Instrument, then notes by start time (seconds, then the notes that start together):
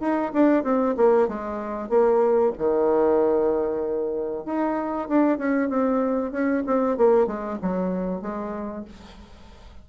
bassoon
0.00 D#4
0.33 D4
0.63 C4
0.96 A#3
1.28 G#3
1.89 A#3
2.58 D#3
4.45 D#4
5.08 D4
5.38 C#4
5.69 C4
6.32 C#4
6.66 C4
6.97 A#3
7.27 G#3
7.62 F#3
8.22 G#3